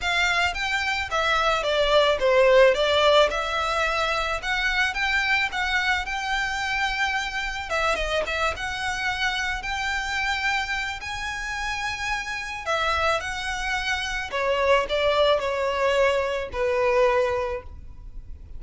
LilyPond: \new Staff \with { instrumentName = "violin" } { \time 4/4 \tempo 4 = 109 f''4 g''4 e''4 d''4 | c''4 d''4 e''2 | fis''4 g''4 fis''4 g''4~ | g''2 e''8 dis''8 e''8 fis''8~ |
fis''4. g''2~ g''8 | gis''2. e''4 | fis''2 cis''4 d''4 | cis''2 b'2 | }